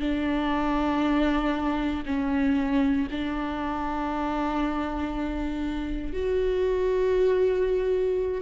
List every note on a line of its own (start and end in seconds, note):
0.00 2.03 D4
2.06 3.07 C#4
3.11 6.13 D4
6.13 8.41 F#4